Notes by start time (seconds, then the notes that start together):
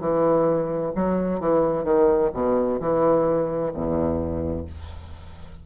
0.00 E3
0.95 F#3
1.40 E3
1.84 D#3
2.33 B2
2.80 E3
3.73 E2